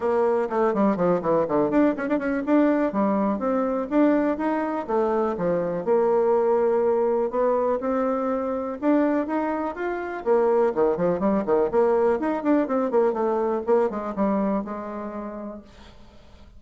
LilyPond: \new Staff \with { instrumentName = "bassoon" } { \time 4/4 \tempo 4 = 123 ais4 a8 g8 f8 e8 d8 d'8 | cis'16 d'16 cis'8 d'4 g4 c'4 | d'4 dis'4 a4 f4 | ais2. b4 |
c'2 d'4 dis'4 | f'4 ais4 dis8 f8 g8 dis8 | ais4 dis'8 d'8 c'8 ais8 a4 | ais8 gis8 g4 gis2 | }